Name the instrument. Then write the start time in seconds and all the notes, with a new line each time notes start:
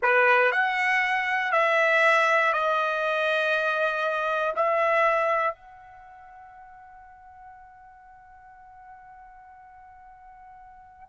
trumpet
0.02 B4
0.51 F#5
1.51 E5
2.52 D#5
4.55 E5
5.54 F#5